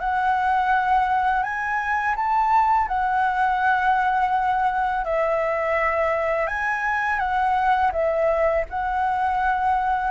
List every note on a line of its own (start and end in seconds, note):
0.00 1.43 F#5
1.43 2.15 G#5
2.16 2.88 A5
2.88 5.04 F#5
5.05 6.47 E5
6.47 7.19 G#5
7.19 7.91 F#5
7.92 8.65 E5
8.70 10.11 F#5